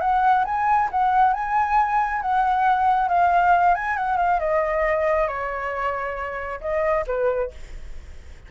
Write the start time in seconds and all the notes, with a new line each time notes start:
0.00 F#5
0.45 G#5
0.91 F#5
1.33 G#5
2.22 F#5
3.08 F5
3.75 G#5
3.97 F#5
4.17 F5
4.39 D#5
5.27 C#5
6.61 D#5
7.07 B4